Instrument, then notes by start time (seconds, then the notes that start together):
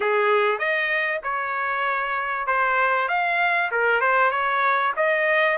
trumpet
0.00 G#4
0.58 D#5
1.23 C#5
2.46 C5
3.08 F5
3.71 A#4
4.00 C5
4.30 C#5
4.96 D#5